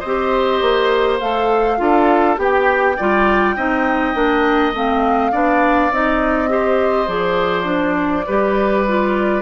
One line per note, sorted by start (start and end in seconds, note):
0.00 0.62 C4
0.00 1.76 C5
0.00 1.18 D#5
0.06 1.21 G4
0.62 1.21 A#3
1.20 1.80 A3
1.20 1.78 A4
1.20 2.37 F5
1.78 2.38 D4
1.78 2.37 F4
1.78 2.40 A4
2.37 2.97 B3
2.37 2.96 G4
2.37 2.97 G4
2.37 4.74 G5
2.97 3.56 G3
2.97 3.57 F4
2.97 3.56 D5
3.56 4.15 C4
3.56 4.14 D#4
3.56 5.32 D#5
4.14 4.74 A#3
4.14 4.73 D4
4.74 5.33 A3
4.74 5.33 C4
4.74 5.93 F5
5.32 5.91 B3
5.32 5.91 D4
5.32 6.50 D5
5.91 7.08 C4
5.91 6.49 D#4
5.91 7.09 D#5
6.49 7.08 G4
6.49 8.26 C5
7.08 8.25 F3
7.08 7.64 G#4
7.08 9.42 D5
7.64 8.23 D4
8.26 9.42 G3
8.26 8.87 G4
8.26 9.42 B4
8.88 9.42 F4